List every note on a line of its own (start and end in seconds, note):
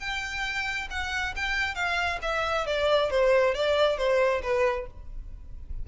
0.00 0.88 G5
0.91 1.35 F#5
1.36 1.75 G5
1.75 2.19 F5
2.22 2.67 E5
2.67 3.11 D5
3.11 3.55 C5
3.55 3.98 D5
3.98 4.42 C5
4.43 4.87 B4